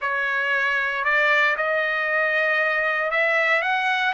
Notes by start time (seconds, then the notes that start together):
0.01 C#5
1.04 D5
1.57 D#5
3.10 E5
3.62 F#5